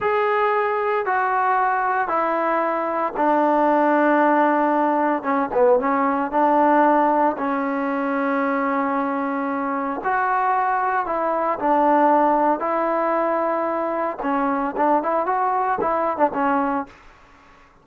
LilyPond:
\new Staff \with { instrumentName = "trombone" } { \time 4/4 \tempo 4 = 114 gis'2 fis'2 | e'2 d'2~ | d'2 cis'8 b8 cis'4 | d'2 cis'2~ |
cis'2. fis'4~ | fis'4 e'4 d'2 | e'2. cis'4 | d'8 e'8 fis'4 e'8. d'16 cis'4 | }